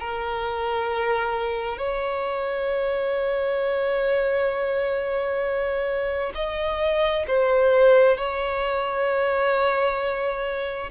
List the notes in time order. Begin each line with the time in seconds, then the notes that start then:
0.00 A#4
1.78 C#5
6.35 D#5
7.28 C5
8.18 C#5